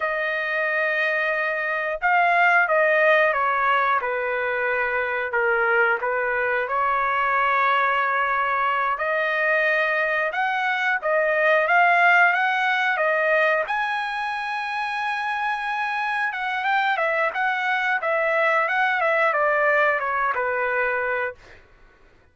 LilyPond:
\new Staff \with { instrumentName = "trumpet" } { \time 4/4 \tempo 4 = 90 dis''2. f''4 | dis''4 cis''4 b'2 | ais'4 b'4 cis''2~ | cis''4. dis''2 fis''8~ |
fis''8 dis''4 f''4 fis''4 dis''8~ | dis''8 gis''2.~ gis''8~ | gis''8 fis''8 g''8 e''8 fis''4 e''4 | fis''8 e''8 d''4 cis''8 b'4. | }